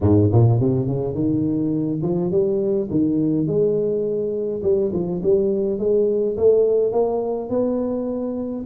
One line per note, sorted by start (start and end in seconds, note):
0.01 0.29 G#2
0.31 0.60 A#2
0.60 0.86 C3
0.86 1.14 C#3
1.14 2.01 D#3
2.02 2.31 F3
2.31 2.88 G3
2.90 3.46 D#3
3.46 4.62 G#3
4.63 4.91 G3
4.92 5.21 F3
5.23 5.78 G3
5.78 6.36 G#3
6.37 6.92 A3
6.92 7.49 A#3
7.49 8.65 B3